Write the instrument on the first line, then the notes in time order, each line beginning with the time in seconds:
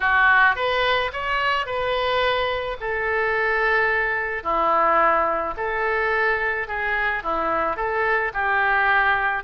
oboe
0.00 F#4
0.55 B4
1.12 C#5
1.65 B4
2.80 A4
4.43 E4
5.57 A4
6.67 G#4
7.23 E4
7.76 A4
8.33 G4